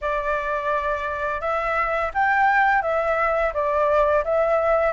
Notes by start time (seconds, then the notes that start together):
0.01 D5
1.41 E5
2.14 G5
2.82 E5
3.53 D5
4.24 E5